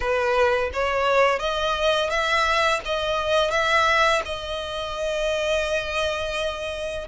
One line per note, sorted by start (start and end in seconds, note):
0.00 0.70 B4
0.73 1.39 C#5
1.39 2.10 D#5
2.10 2.80 E5
2.85 3.51 D#5
3.51 4.21 E5
4.25 7.07 D#5